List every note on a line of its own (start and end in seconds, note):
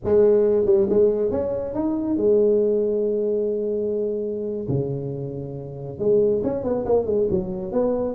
0.04 0.65 G#3
0.65 0.87 G3
0.89 1.31 G#3
1.31 1.74 C#4
1.74 2.16 D#4
2.16 4.66 G#3
4.68 5.99 C#3
5.99 6.42 G#3
6.43 6.63 C#4
6.63 6.85 B3
6.85 7.06 A#3
7.06 7.27 G#3
7.30 7.72 F#3
7.72 8.15 B3